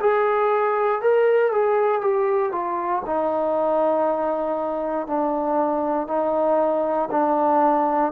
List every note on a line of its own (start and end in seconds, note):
0.00 1.01 G#4
1.01 1.52 A#4
1.52 2.01 G#4
2.01 2.52 G4
2.52 3.03 F4
3.06 5.07 D#4
5.07 6.07 D4
6.07 7.09 D#4
7.11 8.12 D4